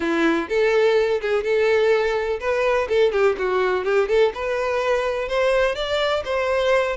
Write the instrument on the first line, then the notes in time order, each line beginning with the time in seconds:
violin
0.00 E4
0.48 A4
1.21 G#4
1.43 A4
2.40 B4
2.88 A4
3.12 G4
3.38 F#4
3.84 G4
4.08 A4
4.34 B4
5.28 C5
5.75 D5
6.24 C5